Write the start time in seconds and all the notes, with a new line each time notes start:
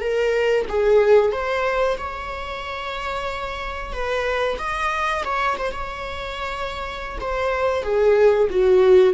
0.00 A#4
0.68 G#4
1.32 C5
1.97 C#5
3.92 B4
4.58 D#5
5.24 C#5
5.58 C5
5.72 C#5
7.20 C5
7.83 G#4
8.50 F#4